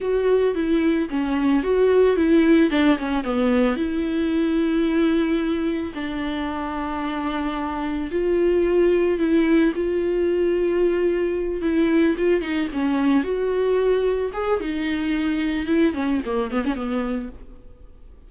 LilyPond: \new Staff \with { instrumentName = "viola" } { \time 4/4 \tempo 4 = 111 fis'4 e'4 cis'4 fis'4 | e'4 d'8 cis'8 b4 e'4~ | e'2. d'4~ | d'2. f'4~ |
f'4 e'4 f'2~ | f'4. e'4 f'8 dis'8 cis'8~ | cis'8 fis'2 gis'8 dis'4~ | dis'4 e'8 cis'8 ais8 b16 cis'16 b4 | }